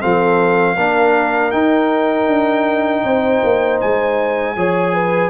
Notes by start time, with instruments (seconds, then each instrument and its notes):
0.00 tuba F3, trombone C4, horn A4, trumpet F5
0.75 tuba A#3, trombone D4, horn A#4
1.51 tuba D#4, trombone D#4, trumpet G5
2.27 tuba D4
3.03 tuba C4, horn C5
3.43 tuba A#3
3.81 tuba G#3, trumpet G#5
4.56 tuba F3, trombone G#4, horn C#5
4.94 horn B4